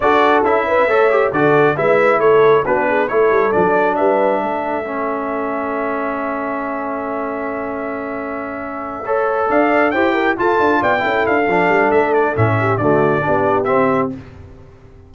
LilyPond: <<
  \new Staff \with { instrumentName = "trumpet" } { \time 4/4 \tempo 4 = 136 d''4 e''2 d''4 | e''4 cis''4 b'4 cis''4 | d''4 e''2.~ | e''1~ |
e''1~ | e''4. f''4 g''4 a''8~ | a''8 g''4 f''4. e''8 d''8 | e''4 d''2 e''4 | }
  \new Staff \with { instrumentName = "horn" } { \time 4/4 a'4. b'8 cis''4 a'4 | b'4 a'4 fis'8 gis'8 a'4~ | a'4 b'4 a'2~ | a'1~ |
a'1~ | a'8 cis''4 d''4 c''8 ais'8 a'8~ | a'8 d''8 a'2.~ | a'8 g'8 fis'4 g'2 | }
  \new Staff \with { instrumentName = "trombone" } { \time 4/4 fis'4 e'4 a'8 g'8 fis'4 | e'2 d'4 e'4 | d'2. cis'4~ | cis'1~ |
cis'1~ | cis'8 a'2 g'4 f'8~ | f'4 e'4 d'2 | cis'4 a4 d'4 c'4 | }
  \new Staff \with { instrumentName = "tuba" } { \time 4/4 d'4 cis'4 a4 d4 | gis4 a4 b4 a8 g8 | fis4 g4 a2~ | a1~ |
a1~ | a4. d'4 e'4 f'8 | d'8 b8 cis'8 d'8 f8 g8 a4 | a,4 d4 b4 c'4 | }
>>